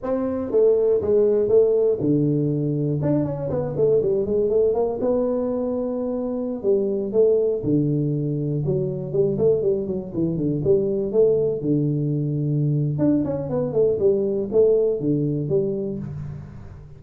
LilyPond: \new Staff \with { instrumentName = "tuba" } { \time 4/4 \tempo 4 = 120 c'4 a4 gis4 a4 | d2 d'8 cis'8 b8 a8 | g8 gis8 a8 ais8 b2~ | b4~ b16 g4 a4 d8.~ |
d4~ d16 fis4 g8 a8 g8 fis16~ | fis16 e8 d8 g4 a4 d8.~ | d2 d'8 cis'8 b8 a8 | g4 a4 d4 g4 | }